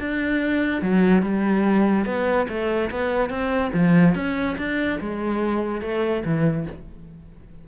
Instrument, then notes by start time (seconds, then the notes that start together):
cello
0.00 D4
0.82 F#3
1.22 G3
2.06 B3
2.49 A3
2.91 B3
3.30 C4
3.74 F3
4.15 C#4
4.58 D4
5.00 G#3
5.82 A3
6.25 E3